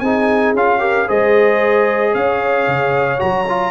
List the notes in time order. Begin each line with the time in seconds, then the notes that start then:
0.00 C4 D#4 G#4 G#5
0.54 C#4 F4 F5
0.79 G4 A#4
1.07 G#3 G#4 C5 D#5
2.12 C#4 C#5 F5
2.67 C#3
3.18 F#3 F#4 A#5
3.49 F4